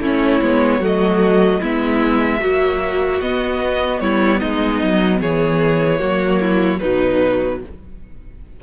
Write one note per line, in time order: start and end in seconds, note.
0.00 0.40 A3
0.00 0.42 C#4
0.00 0.80 E4
0.00 0.85 C#5
0.41 0.80 G#3
0.41 0.81 B3
0.80 1.60 F#3
0.80 1.61 A3
0.80 1.60 F#4
0.80 1.64 D#5
1.60 2.41 G#3
1.60 2.40 B3
1.60 2.40 E4
1.60 3.21 E5
2.40 3.20 F#3
2.40 3.21 A#3
2.40 4.02 F#4
3.21 4.01 B3
3.21 5.99 B3
3.21 4.00 D#5
4.00 4.41 G3
4.00 4.40 E4
4.00 4.40 C#5
4.40 4.82 G#3
4.40 5.20 D#4
4.40 5.20 D#5
4.82 5.21 F#3
5.20 6.01 E3
5.20 6.00 G#4
5.20 6.79 C#5
5.99 6.81 F#3
5.99 6.79 A#3
5.99 6.40 F#4
6.40 6.80 E4
6.79 7.62 B2
6.79 7.60 F#3
6.79 7.61 D#4
6.79 7.59 B4